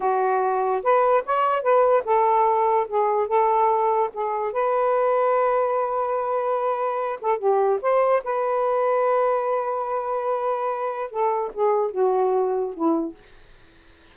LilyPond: \new Staff \with { instrumentName = "saxophone" } { \time 4/4 \tempo 4 = 146 fis'2 b'4 cis''4 | b'4 a'2 gis'4 | a'2 gis'4 b'4~ | b'1~ |
b'4. a'8 g'4 c''4 | b'1~ | b'2. a'4 | gis'4 fis'2 e'4 | }